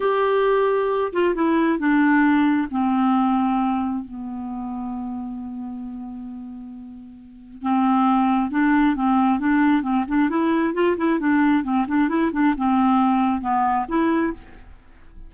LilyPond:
\new Staff \with { instrumentName = "clarinet" } { \time 4/4 \tempo 4 = 134 g'2~ g'8 f'8 e'4 | d'2 c'2~ | c'4 b2.~ | b1~ |
b4 c'2 d'4 | c'4 d'4 c'8 d'8 e'4 | f'8 e'8 d'4 c'8 d'8 e'8 d'8 | c'2 b4 e'4 | }